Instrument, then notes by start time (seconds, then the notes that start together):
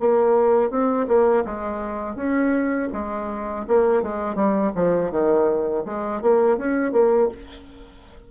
bassoon
0.00 A#3
0.71 C4
1.08 A#3
1.45 G#3
2.16 C#4
2.93 G#3
3.68 A#3
4.03 G#3
4.35 G3
4.75 F3
5.11 D#3
5.85 G#3
6.22 A#3
6.58 C#4
6.92 A#3